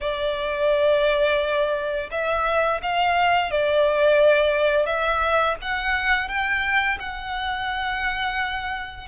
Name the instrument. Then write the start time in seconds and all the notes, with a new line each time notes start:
violin
0.00 D5
2.11 E5
2.82 F5
3.51 D5
4.86 E5
5.61 F#5
6.28 G5
6.99 F#5